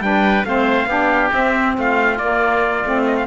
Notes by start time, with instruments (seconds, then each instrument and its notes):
0.00 cello G3, saxophone D4, oboe B4, trumpet G5
0.44 cello A3, saxophone C4, oboe C5, trumpet F5
0.85 cello B3, saxophone D4, oboe G4
1.32 saxophone C4, cello C4, trumpet E5
1.77 cello A3, oboe F4, trumpet F5
2.18 cello A#3, saxophone A#3, trumpet D5
2.84 cello A3, saxophone C4
3.05 trumpet D#5
3.16 trumpet F5